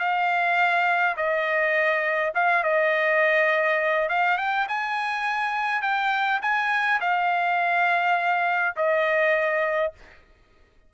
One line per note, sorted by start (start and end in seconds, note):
0.00 1.17 F5
1.17 2.33 D#5
2.35 2.64 F5
2.64 4.09 D#5
4.09 4.38 F5
4.38 4.67 G5
4.69 5.82 G#5
5.82 6.41 G5
6.42 7.01 G#5
7.01 8.76 F5
8.77 9.93 D#5